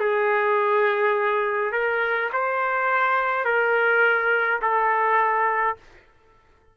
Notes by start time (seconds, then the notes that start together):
0.00 G#4
1.72 A#4
2.33 C5
3.45 A#4
4.62 A4